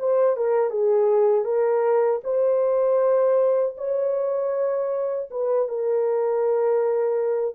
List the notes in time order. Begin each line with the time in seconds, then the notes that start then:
0.00 C5
0.37 A#4
0.71 G#4
1.45 A#4
2.24 C5
3.78 C#5
5.31 B4
5.69 A#4